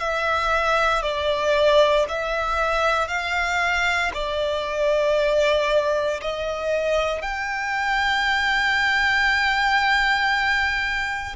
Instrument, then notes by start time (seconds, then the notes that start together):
violin
0.00 E5
1.03 D5
2.09 E5
3.08 F5
4.14 D5
6.22 D#5
7.22 G5